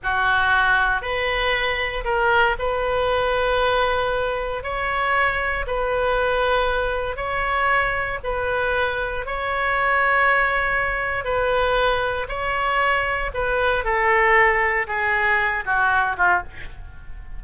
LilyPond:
\new Staff \with { instrumentName = "oboe" } { \time 4/4 \tempo 4 = 117 fis'2 b'2 | ais'4 b'2.~ | b'4 cis''2 b'4~ | b'2 cis''2 |
b'2 cis''2~ | cis''2 b'2 | cis''2 b'4 a'4~ | a'4 gis'4. fis'4 f'8 | }